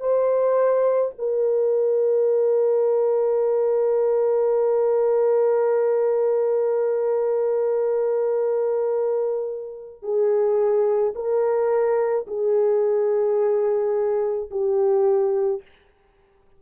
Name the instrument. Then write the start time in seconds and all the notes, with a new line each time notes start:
horn
0.00 C5
1.19 A#4
10.03 G#4
11.15 A#4
12.27 G#4
14.51 G4